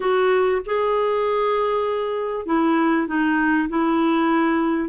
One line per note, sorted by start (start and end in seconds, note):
0.00 0.61 F#4
0.65 2.46 G#4
2.46 3.07 E4
3.07 3.68 D#4
3.68 4.89 E4